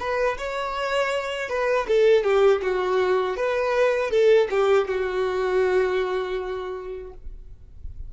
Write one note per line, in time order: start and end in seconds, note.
0.00 0.38 B4
0.38 1.49 C#5
1.49 1.86 B4
1.88 2.24 A4
2.24 2.61 G4
2.62 3.36 F#4
3.36 4.11 B4
4.11 4.48 A4
4.50 4.88 G4
4.88 7.13 F#4